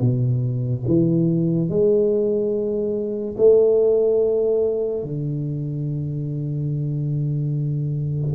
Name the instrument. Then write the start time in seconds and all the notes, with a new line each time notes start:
tuba
0.00 B2
0.87 E3
1.69 G#3
3.37 A3
5.03 D3